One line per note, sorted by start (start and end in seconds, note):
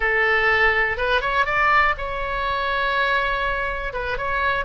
0.00 0.97 A4
0.97 1.21 B4
1.21 1.45 C#5
1.45 1.94 D5
1.97 3.93 C#5
3.93 4.17 B4
4.17 4.65 C#5